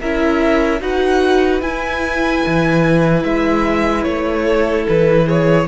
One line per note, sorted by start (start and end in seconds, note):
0.00 0.81 C#4
0.00 0.81 E4
0.00 0.81 A#4
0.00 0.82 E5
0.81 1.61 D#4
0.81 1.62 F#4
0.81 4.45 B4
0.81 1.61 F#5
1.61 2.42 E4
1.61 5.67 E4
1.61 3.23 G#5
2.47 3.24 E3
3.23 4.05 G#3
3.23 4.03 E5
4.03 4.87 A3
4.03 4.84 C#5
4.45 5.26 A4
4.88 5.68 E3
4.88 5.28 B4
5.26 5.67 G#4
5.26 5.68 C#5